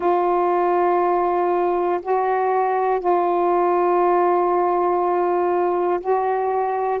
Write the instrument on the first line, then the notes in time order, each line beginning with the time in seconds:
saxophone
0.00 F4
2.01 F#4
3.00 F4
6.00 F#4